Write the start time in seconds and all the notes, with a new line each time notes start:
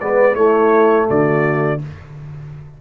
0.00 G#3 B3 B4 D5
0.35 A3 E4 C#5
1.08 D3 F#4 D5